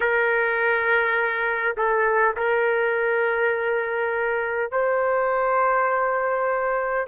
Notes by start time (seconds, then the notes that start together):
0.00 A#4
1.77 A4
2.36 A#4
4.71 C5